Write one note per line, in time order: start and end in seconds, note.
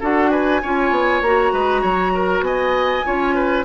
0.00 0.62 D4
0.00 0.62 F#4
0.00 0.30 A4
0.00 0.31 F#5
0.31 0.61 B4
0.31 1.22 G#5
0.62 0.91 C#4
0.62 1.25 F4
0.62 1.53 C#5
0.91 1.21 B3
1.21 1.51 A#3
1.21 3.04 F#4
1.21 2.43 A#5
1.53 1.83 G#3
1.53 1.82 B4
1.82 2.41 F#3
1.82 2.12 C#5
2.14 2.44 A#4
2.41 3.01 B3
2.41 3.06 D#5
2.41 3.65 G#5
3.04 3.65 C#4
3.04 3.64 F4
3.04 3.35 C#5
3.35 3.65 B4